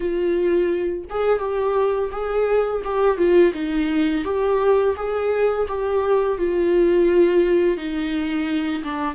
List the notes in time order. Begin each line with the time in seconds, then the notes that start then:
0.00 F4
1.09 G#4
1.39 G4
2.11 G#4
2.84 G4
3.17 F4
3.53 D#4
4.24 G4
4.96 G#4
5.68 G4
6.38 F4
7.76 D#4
8.83 D4